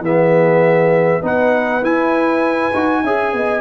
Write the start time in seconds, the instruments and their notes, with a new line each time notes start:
0.00 tuba E3, trombone B3, horn G#4, trumpet E5
1.22 tuba B3, trombone D#4, horn B4, trumpet F#5
1.82 tuba E4, trombone E4, trumpet G#5
2.74 tuba D#4, trombone F#4
3.03 tuba C#4, trombone G#4, horn E5
3.33 tuba B3, horn D#5